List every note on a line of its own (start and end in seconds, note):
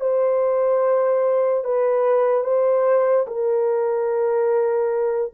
0.00 1.64 C5
1.64 2.44 B4
2.44 3.26 C5
3.27 5.33 A#4